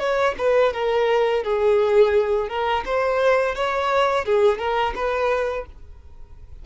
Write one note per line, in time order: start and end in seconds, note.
0.00 0.35 C#5
0.39 0.73 B4
0.73 1.44 A#4
1.44 2.49 G#4
2.49 2.85 A#4
2.86 3.56 C5
3.56 4.26 C#5
4.26 4.59 G#4
4.59 4.94 A#4
4.95 5.66 B4